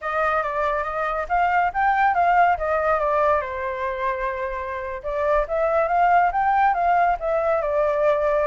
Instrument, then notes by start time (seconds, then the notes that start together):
flute
0.01 D#5
0.43 D5
0.83 D#5
1.29 F5
1.73 G5
2.14 F5
2.57 D#5
2.99 D5
3.41 C5
5.03 D5
5.48 E5
5.88 F5
6.32 G5
6.74 F5
7.19 E5
7.61 D5